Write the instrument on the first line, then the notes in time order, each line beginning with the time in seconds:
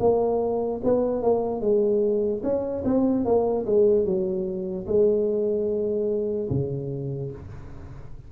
tuba
0.00 A#3
0.84 B3
1.22 A#3
1.61 G#3
2.43 C#4
2.85 C4
3.25 A#3
3.66 G#3
4.05 F#3
4.87 G#3
6.50 C#3